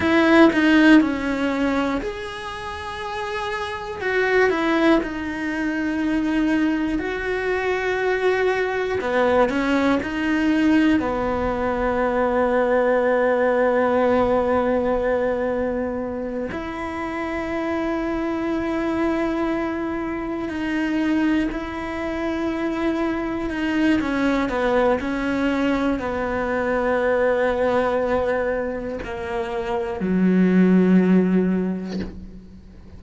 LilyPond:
\new Staff \with { instrumentName = "cello" } { \time 4/4 \tempo 4 = 60 e'8 dis'8 cis'4 gis'2 | fis'8 e'8 dis'2 fis'4~ | fis'4 b8 cis'8 dis'4 b4~ | b1~ |
b8 e'2.~ e'8~ | e'8 dis'4 e'2 dis'8 | cis'8 b8 cis'4 b2~ | b4 ais4 fis2 | }